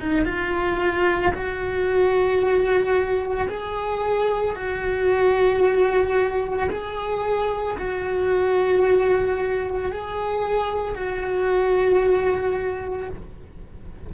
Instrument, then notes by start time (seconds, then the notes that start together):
cello
0.00 D#4
0.25 F4
1.34 F#4
3.49 G#4
4.56 F#4
6.70 G#4
7.79 F#4
9.93 G#4
10.96 F#4